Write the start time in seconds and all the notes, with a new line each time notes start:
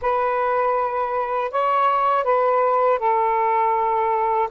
0.01 B4
1.51 C#5
2.24 B4
2.99 A4